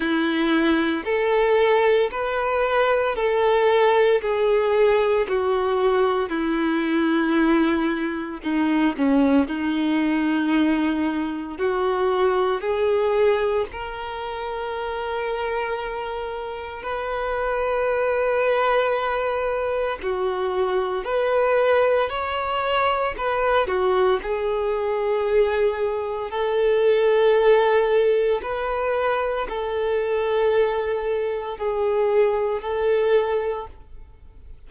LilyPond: \new Staff \with { instrumentName = "violin" } { \time 4/4 \tempo 4 = 57 e'4 a'4 b'4 a'4 | gis'4 fis'4 e'2 | dis'8 cis'8 dis'2 fis'4 | gis'4 ais'2. |
b'2. fis'4 | b'4 cis''4 b'8 fis'8 gis'4~ | gis'4 a'2 b'4 | a'2 gis'4 a'4 | }